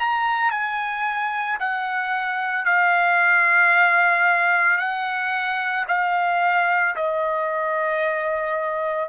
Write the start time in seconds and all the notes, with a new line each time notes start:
0.00 A#5
0.51 G#5
1.60 F#5
2.66 F5
4.78 F#5
5.88 F5
6.96 D#5